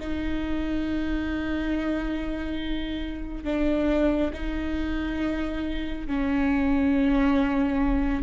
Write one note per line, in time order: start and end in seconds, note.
0.00 3.44 D#4
3.44 4.31 D4
4.33 6.07 D#4
6.07 8.23 C#4